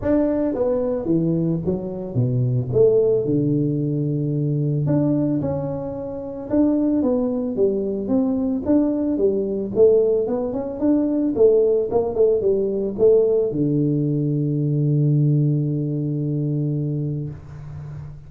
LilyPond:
\new Staff \with { instrumentName = "tuba" } { \time 4/4 \tempo 4 = 111 d'4 b4 e4 fis4 | b,4 a4 d2~ | d4 d'4 cis'2 | d'4 b4 g4 c'4 |
d'4 g4 a4 b8 cis'8 | d'4 a4 ais8 a8 g4 | a4 d2.~ | d1 | }